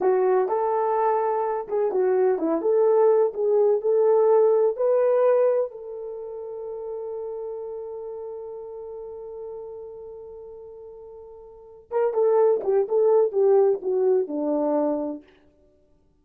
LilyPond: \new Staff \with { instrumentName = "horn" } { \time 4/4 \tempo 4 = 126 fis'4 a'2~ a'8 gis'8 | fis'4 e'8 a'4. gis'4 | a'2 b'2 | a'1~ |
a'1~ | a'1~ | a'4 ais'8 a'4 g'8 a'4 | g'4 fis'4 d'2 | }